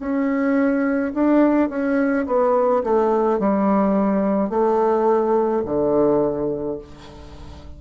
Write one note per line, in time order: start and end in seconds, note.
0.00 1.13 C#4
1.14 1.70 D4
1.70 2.26 C#4
2.26 2.83 B3
2.84 3.40 A3
3.40 4.50 G3
4.50 5.63 A3
5.66 6.79 D3